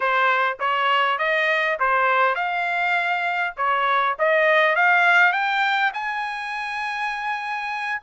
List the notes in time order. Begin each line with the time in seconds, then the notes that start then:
0.00 C5
0.59 C#5
1.18 D#5
1.79 C5
2.35 F5
3.56 C#5
4.19 D#5
4.75 F5
5.32 G5
5.93 G#5